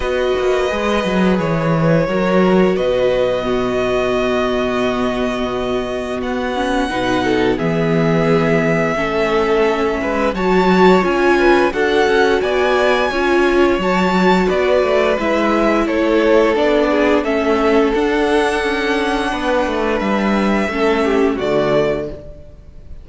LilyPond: <<
  \new Staff \with { instrumentName = "violin" } { \time 4/4 \tempo 4 = 87 dis''2 cis''2 | dis''1~ | dis''4 fis''2 e''4~ | e''2. a''4 |
gis''4 fis''4 gis''2 | a''4 d''4 e''4 cis''4 | d''4 e''4 fis''2~ | fis''4 e''2 d''4 | }
  \new Staff \with { instrumentName = "violin" } { \time 4/4 b'2. ais'4 | b'4 fis'2.~ | fis'2 b'8 a'8 gis'4~ | gis'4 a'4. b'8 cis''4~ |
cis''8 b'8 a'4 d''4 cis''4~ | cis''4 b'2 a'4~ | a'8 gis'8 a'2. | b'2 a'8 g'8 fis'4 | }
  \new Staff \with { instrumentName = "viola" } { \time 4/4 fis'4 gis'2 fis'4~ | fis'4 b2.~ | b4. cis'8 dis'4 b4~ | b4 cis'2 fis'4 |
f'4 fis'2 f'4 | fis'2 e'2 | d'4 cis'4 d'2~ | d'2 cis'4 a4 | }
  \new Staff \with { instrumentName = "cello" } { \time 4/4 b8 ais8 gis8 fis8 e4 fis4 | b,1~ | b,4 b4 b,4 e4~ | e4 a4. gis8 fis4 |
cis'4 d'8 cis'8 b4 cis'4 | fis4 b8 a8 gis4 a4 | b4 a4 d'4 cis'4 | b8 a8 g4 a4 d4 | }
>>